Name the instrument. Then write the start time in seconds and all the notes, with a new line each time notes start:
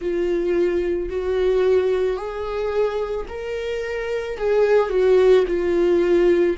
viola
0.01 F4
1.09 F#4
2.17 G#4
3.28 A#4
4.37 G#4
4.89 F#4
5.47 F4